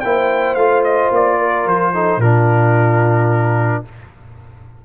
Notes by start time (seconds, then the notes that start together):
0.00 A#3 E4 C5 G5
0.55 A3 F4 F5
0.84 D#5
1.11 A#3 D5
1.38 A#4
1.66 F3 C5
1.94 D#4 A4
2.17 A#2 D4 F4 A#4